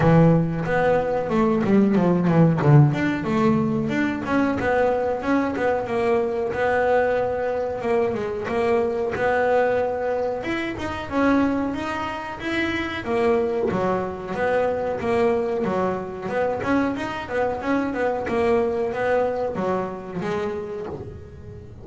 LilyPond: \new Staff \with { instrumentName = "double bass" } { \time 4/4 \tempo 4 = 92 e4 b4 a8 g8 f8 e8 | d8 d'8 a4 d'8 cis'8 b4 | cis'8 b8 ais4 b2 | ais8 gis8 ais4 b2 |
e'8 dis'8 cis'4 dis'4 e'4 | ais4 fis4 b4 ais4 | fis4 b8 cis'8 dis'8 b8 cis'8 b8 | ais4 b4 fis4 gis4 | }